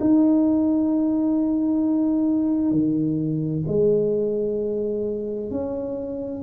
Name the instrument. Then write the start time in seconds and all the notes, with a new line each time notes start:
tuba
0.00 D#4
2.71 D#3
3.68 G#3
5.50 C#4